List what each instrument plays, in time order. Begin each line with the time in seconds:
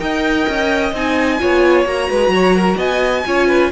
0.00 cello D#4, viola A#4, violin D#5 G5
0.49 cello C#4
0.93 cello C4, viola D#4, violin G#5
1.39 cello B3, viola F4, violin C#5
1.86 cello A#3, viola F#4, violin A#5
2.10 cello G#3, violin B4
2.29 cello F#3, violin C#5
2.56 violin A#4
2.78 cello B3, violin D#5 G#5
3.26 cello C#4, viola F4, violin C#5
3.48 violin B4